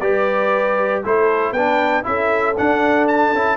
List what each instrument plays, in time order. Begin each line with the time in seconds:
0.00 tuba G3, trombone G4, horn B4, trumpet D5
1.04 tuba A3, trombone E4, horn A4, trumpet C5
1.52 tuba B3, trombone D4, horn B4, trumpet G5
2.03 tuba C#4, trombone E4, horn A4, trumpet E5
2.57 trombone D4, tuba D4, trumpet F#5
3.08 trumpet A5
3.33 tuba C#4, trombone E4